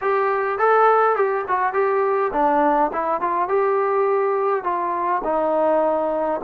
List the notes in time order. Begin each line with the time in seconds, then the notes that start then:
0.01 G4
0.58 A4
1.15 G4
1.47 F#4
1.73 G4
2.32 D4
2.92 E4
3.20 F4
3.48 G4
4.63 F4
5.24 D#4